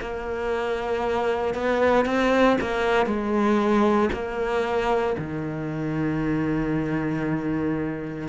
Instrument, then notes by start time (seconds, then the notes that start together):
cello
0.00 A#3
1.54 B3
2.05 C4
2.61 A#3
3.06 G#3
4.12 A#3
5.18 D#3